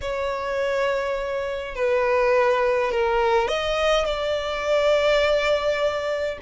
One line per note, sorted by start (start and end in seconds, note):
0.01 1.75 C#5
1.75 2.91 B4
2.91 3.48 A#4
3.48 4.05 D#5
4.05 6.38 D5